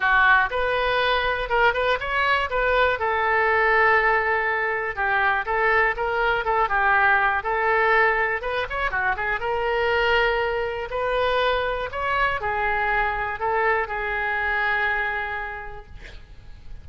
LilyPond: \new Staff \with { instrumentName = "oboe" } { \time 4/4 \tempo 4 = 121 fis'4 b'2 ais'8 b'8 | cis''4 b'4 a'2~ | a'2 g'4 a'4 | ais'4 a'8 g'4. a'4~ |
a'4 b'8 cis''8 fis'8 gis'8 ais'4~ | ais'2 b'2 | cis''4 gis'2 a'4 | gis'1 | }